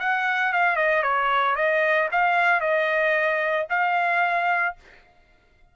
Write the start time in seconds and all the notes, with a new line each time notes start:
0.00 F#5
0.53 F5
0.77 D#5
1.03 C#5
1.56 D#5
2.12 F5
2.61 D#5
3.70 F5